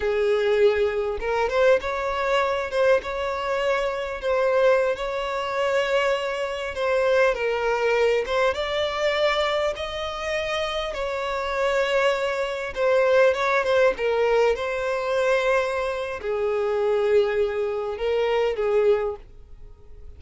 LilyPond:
\new Staff \with { instrumentName = "violin" } { \time 4/4 \tempo 4 = 100 gis'2 ais'8 c''8 cis''4~ | cis''8 c''8 cis''2 c''4~ | c''16 cis''2. c''8.~ | c''16 ais'4. c''8 d''4.~ d''16~ |
d''16 dis''2 cis''4.~ cis''16~ | cis''4~ cis''16 c''4 cis''8 c''8 ais'8.~ | ais'16 c''2~ c''8. gis'4~ | gis'2 ais'4 gis'4 | }